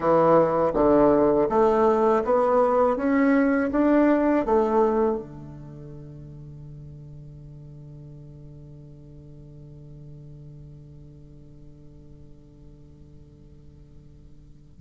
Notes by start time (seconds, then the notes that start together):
0.00 E3
0.74 D3
1.49 A3
2.24 B3
2.96 C#4
3.71 D4
4.45 A3
5.18 D3